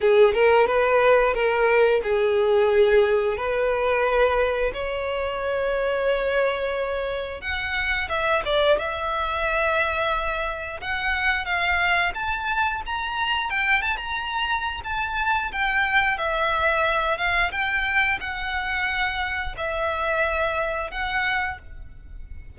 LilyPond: \new Staff \with { instrumentName = "violin" } { \time 4/4 \tempo 4 = 89 gis'8 ais'8 b'4 ais'4 gis'4~ | gis'4 b'2 cis''4~ | cis''2. fis''4 | e''8 d''8 e''2. |
fis''4 f''4 a''4 ais''4 | g''8 a''16 ais''4~ ais''16 a''4 g''4 | e''4. f''8 g''4 fis''4~ | fis''4 e''2 fis''4 | }